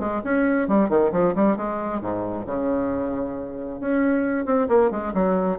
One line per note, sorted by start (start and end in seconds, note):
0.00 0.22 G#3
0.24 0.68 C#4
0.68 0.90 G3
0.90 1.12 D#3
1.12 1.35 F3
1.35 1.57 G3
1.57 2.01 G#3
2.01 2.46 G#2
2.46 3.81 C#3
3.81 4.46 C#4
4.46 4.68 C4
4.69 4.91 A#3
4.91 5.13 G#3
5.14 5.59 F#3